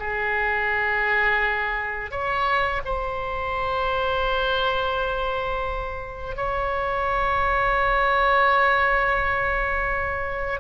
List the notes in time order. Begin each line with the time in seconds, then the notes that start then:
0.00 G#4
2.11 C#5
2.85 C5
6.37 C#5